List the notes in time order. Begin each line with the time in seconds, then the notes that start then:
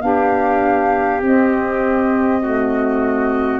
0.00 B3 D4 G4 F5
1.21 C4 D#5
2.41 A3 F#4